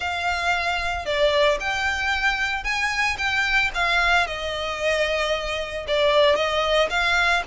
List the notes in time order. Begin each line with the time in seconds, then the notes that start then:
0.00 F5
1.05 D5
1.60 G5
2.64 G#5
3.17 G5
3.74 F5
4.26 D#5
5.87 D5
6.35 D#5
6.90 F5